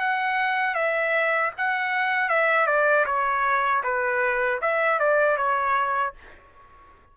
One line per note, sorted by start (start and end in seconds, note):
0.00 0.75 F#5
0.75 1.52 E5
1.58 2.30 F#5
2.30 2.67 E5
2.67 3.06 D5
3.06 3.83 C#5
3.84 4.60 B4
4.62 5.00 E5
5.00 5.37 D5
5.37 6.14 C#5